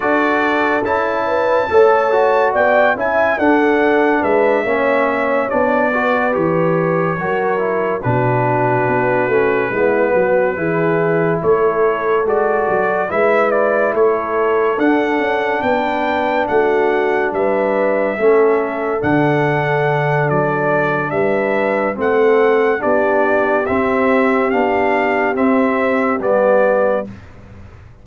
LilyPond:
<<
  \new Staff \with { instrumentName = "trumpet" } { \time 4/4 \tempo 4 = 71 d''4 a''2 g''8 gis''8 | fis''4 e''4. d''4 cis''8~ | cis''4. b'2~ b'8~ | b'4. cis''4 d''4 e''8 |
d''8 cis''4 fis''4 g''4 fis''8~ | fis''8 e''2 fis''4. | d''4 e''4 fis''4 d''4 | e''4 f''4 e''4 d''4 | }
  \new Staff \with { instrumentName = "horn" } { \time 4/4 a'4. b'8 cis''4 d''8 e''8 | a'4 b'8 cis''4. b'4~ | b'8 ais'4 fis'2 e'8 | fis'8 gis'4 a'2 b'8~ |
b'8 a'2 b'4 fis'8~ | fis'8 b'4 a'2~ a'8~ | a'4 b'4 a'4 g'4~ | g'1 | }
  \new Staff \with { instrumentName = "trombone" } { \time 4/4 fis'4 e'4 a'8 fis'4 e'8 | d'4. cis'4 d'8 fis'8 g'8~ | g'8 fis'8 e'8 d'4. cis'8 b8~ | b8 e'2 fis'4 e'8~ |
e'4. d'2~ d'8~ | d'4. cis'4 d'4.~ | d'2 c'4 d'4 | c'4 d'4 c'4 b4 | }
  \new Staff \with { instrumentName = "tuba" } { \time 4/4 d'4 cis'4 a4 b8 cis'8 | d'4 gis8 ais4 b4 e8~ | e8 fis4 b,4 b8 a8 gis8 | fis8 e4 a4 gis8 fis8 gis8~ |
gis8 a4 d'8 cis'8 b4 a8~ | a8 g4 a4 d4. | fis4 g4 a4 b4 | c'4 b4 c'4 g4 | }
>>